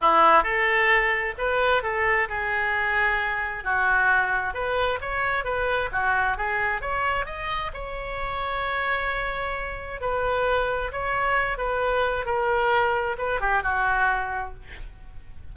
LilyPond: \new Staff \with { instrumentName = "oboe" } { \time 4/4 \tempo 4 = 132 e'4 a'2 b'4 | a'4 gis'2. | fis'2 b'4 cis''4 | b'4 fis'4 gis'4 cis''4 |
dis''4 cis''2.~ | cis''2 b'2 | cis''4. b'4. ais'4~ | ais'4 b'8 g'8 fis'2 | }